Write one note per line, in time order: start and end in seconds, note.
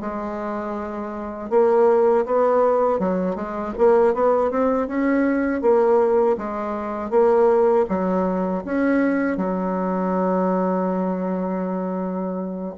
0.00 1.50 G#3
1.50 2.25 A#3
2.25 2.99 B3
2.99 3.35 F#3
3.35 3.73 G#3
3.77 4.14 A#3
4.14 4.50 B3
4.50 4.87 C4
4.87 5.61 C#4
5.61 6.36 A#3
6.37 7.10 G#3
7.10 7.85 A#3
7.89 8.64 F#3
8.64 9.37 C#4
9.37 12.74 F#3